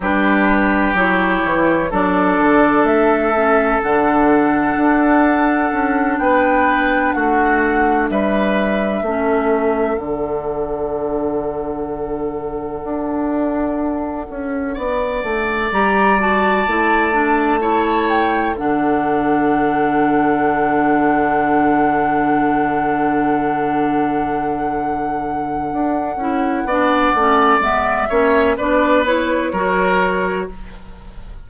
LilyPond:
<<
  \new Staff \with { instrumentName = "flute" } { \time 4/4 \tempo 4 = 63 b'4 cis''4 d''4 e''4 | fis''2~ fis''8 g''4 fis''8~ | fis''8 e''2 fis''4.~ | fis''1~ |
fis''8 ais''8 a''2 g''8 fis''8~ | fis''1~ | fis''1~ | fis''4 e''4 d''8 cis''4. | }
  \new Staff \with { instrumentName = "oboe" } { \time 4/4 g'2 a'2~ | a'2~ a'8 b'4 fis'8~ | fis'8 b'4 a'2~ a'8~ | a'2.~ a'8 d''8~ |
d''2~ d''8 cis''4 a'8~ | a'1~ | a'1 | d''4. cis''8 b'4 ais'4 | }
  \new Staff \with { instrumentName = "clarinet" } { \time 4/4 d'4 e'4 d'4. cis'8 | d'1~ | d'4. cis'4 d'4.~ | d'1~ |
d'8 g'8 fis'8 e'8 d'8 e'4 d'8~ | d'1~ | d'2.~ d'8 e'8 | d'8 cis'8 b8 cis'8 d'8 e'8 fis'4 | }
  \new Staff \with { instrumentName = "bassoon" } { \time 4/4 g4 fis8 e8 fis8 d8 a4 | d4 d'4 cis'8 b4 a8~ | a8 g4 a4 d4.~ | d4. d'4. cis'8 b8 |
a8 g4 a2 d8~ | d1~ | d2. d'8 cis'8 | b8 a8 gis8 ais8 b4 fis4 | }
>>